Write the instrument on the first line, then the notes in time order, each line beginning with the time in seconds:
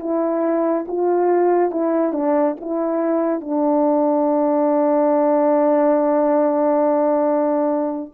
horn
0.00 E4
0.88 F4
1.71 E4
2.13 D4
2.61 E4
3.41 D4